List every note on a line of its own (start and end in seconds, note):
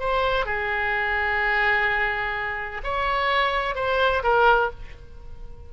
0.00 0.46 C5
0.46 2.82 G#4
2.84 3.76 C#5
3.76 4.23 C5
4.23 4.71 A#4